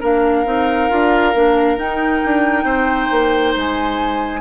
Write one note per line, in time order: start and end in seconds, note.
0.00 0.46 A#3
0.00 0.46 D4
0.00 2.65 A#4
0.00 1.78 F5
0.46 0.90 C4
0.46 0.90 D#4
0.90 1.34 D4
0.90 1.34 F4
1.34 1.77 A#3
1.34 1.77 D4
1.77 4.41 D#4
1.77 2.22 D#4
1.77 3.55 G5
2.25 2.64 D4
2.64 3.08 C4
2.64 4.41 C5
3.11 3.55 A#3
3.56 4.41 G#3
3.56 4.41 G#5